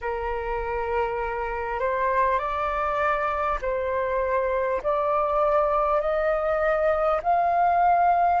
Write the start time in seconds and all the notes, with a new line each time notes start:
0.01 A#4
1.79 C5
2.38 D5
3.61 C5
4.83 D5
6.01 D#5
7.23 F5